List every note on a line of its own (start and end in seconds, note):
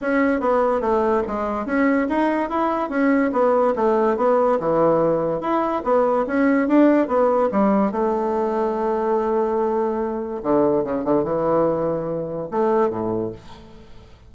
0.01 0.40 C#4
0.40 0.80 B3
0.80 1.22 A3
1.27 1.66 G#3
1.66 2.07 C#4
2.09 2.49 D#4
2.49 2.89 E4
2.89 3.31 C#4
3.32 3.74 B3
3.75 4.17 A3
4.17 4.58 B3
4.59 5.41 E3
5.41 5.82 E4
5.84 6.25 B3
6.26 6.67 C#4
6.67 7.07 D4
7.07 7.49 B3
7.51 7.91 G3
7.91 10.41 A3
10.42 10.83 D3
10.83 11.04 C#3
11.04 11.23 D3
11.23 12.48 E3
12.51 12.90 A3
12.90 13.31 A2